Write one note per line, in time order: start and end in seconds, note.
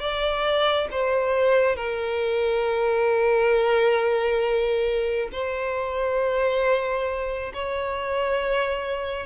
0.00 0.88 D5
0.91 1.76 C5
1.76 5.29 A#4
5.32 7.53 C5
7.54 9.26 C#5